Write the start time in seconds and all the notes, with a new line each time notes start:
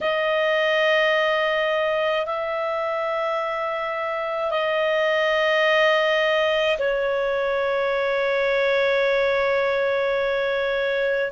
0.00 D#5
2.26 E5
4.50 D#5
6.79 C#5